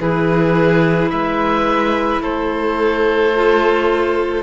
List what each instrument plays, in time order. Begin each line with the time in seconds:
0.00 cello E3, clarinet E4, violin G#4, oboe B4
1.10 cello G#3, violin B4, oboe E5
2.21 cello A3, violin A4, oboe C5
3.35 clarinet F4